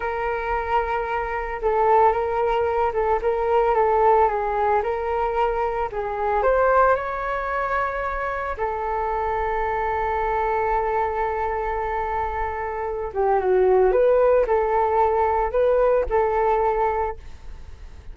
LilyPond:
\new Staff \with { instrumentName = "flute" } { \time 4/4 \tempo 4 = 112 ais'2. a'4 | ais'4. a'8 ais'4 a'4 | gis'4 ais'2 gis'4 | c''4 cis''2. |
a'1~ | a'1~ | a'8 g'8 fis'4 b'4 a'4~ | a'4 b'4 a'2 | }